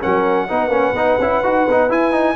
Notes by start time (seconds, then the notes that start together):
0.00 F#3 C#4 A#4 F#5
0.48 B3 D#4 B4
0.67 A#3 C#4
0.93 B3 D#4
1.19 C#4 E4
1.43 D#4 F#4
1.68 B3 D#4
1.89 E4 G#5
2.11 D#4